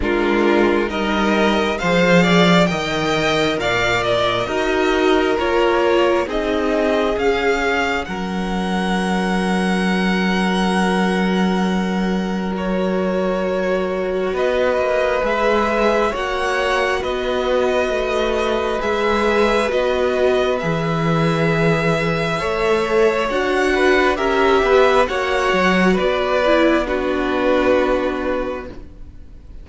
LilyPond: <<
  \new Staff \with { instrumentName = "violin" } { \time 4/4 \tempo 4 = 67 ais'4 dis''4 f''4 g''4 | f''8 dis''4. cis''4 dis''4 | f''4 fis''2.~ | fis''2 cis''2 |
dis''4 e''4 fis''4 dis''4~ | dis''4 e''4 dis''4 e''4~ | e''2 fis''4 e''4 | fis''4 d''4 b'2 | }
  \new Staff \with { instrumentName = "violin" } { \time 4/4 f'4 ais'4 c''8 d''8 dis''4 | d''4 ais'2 gis'4~ | gis'4 ais'2.~ | ais'1 |
b'2 cis''4 b'4~ | b'1~ | b'4 cis''4. b'8 ais'8 b'8 | cis''4 b'4 fis'2 | }
  \new Staff \with { instrumentName = "viola" } { \time 4/4 d'4 dis'4 gis'4 ais'4~ | ais'4 fis'4 f'4 dis'4 | cis'1~ | cis'2 fis'2~ |
fis'4 gis'4 fis'2~ | fis'4 gis'4 fis'4 gis'4~ | gis'4 a'4 fis'4 g'4 | fis'4. e'8 d'2 | }
  \new Staff \with { instrumentName = "cello" } { \time 4/4 gis4 g4 f4 dis4 | ais,4 dis'4 ais4 c'4 | cis'4 fis2.~ | fis1 |
b8 ais8 gis4 ais4 b4 | a4 gis4 b4 e4~ | e4 a4 d'4 cis'8 b8 | ais8 fis8 b2. | }
>>